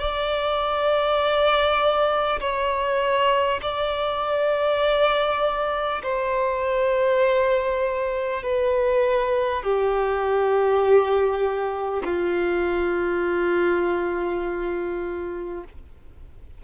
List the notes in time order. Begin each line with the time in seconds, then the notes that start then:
0.00 D5
2.41 C#5
3.63 D5
6.03 C5
8.43 B4
9.63 G4
12.04 F4